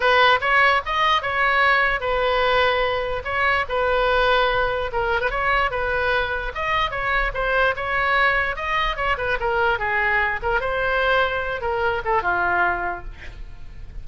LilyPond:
\new Staff \with { instrumentName = "oboe" } { \time 4/4 \tempo 4 = 147 b'4 cis''4 dis''4 cis''4~ | cis''4 b'2. | cis''4 b'2. | ais'8. b'16 cis''4 b'2 |
dis''4 cis''4 c''4 cis''4~ | cis''4 dis''4 cis''8 b'8 ais'4 | gis'4. ais'8 c''2~ | c''8 ais'4 a'8 f'2 | }